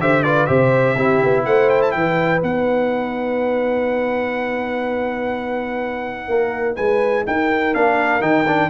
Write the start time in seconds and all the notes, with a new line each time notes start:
0.00 D3 G4 C5 E5
0.23 F4 B4 D5
0.46 C3 G4 C5 E5
0.95 C4 E4 G4
1.23 B3
1.45 A3 C5 F#5
1.69 G5
1.81 A5
1.91 E3 G5
1.97 B4
2.40 B3 D#4 F#5
6.28 A#3 A#4
6.76 G#3 B4 G#5
7.26 D#4 A#4 G5
7.74 A#3 D4 F5
8.21 D#3 D#4 G5
8.47 D4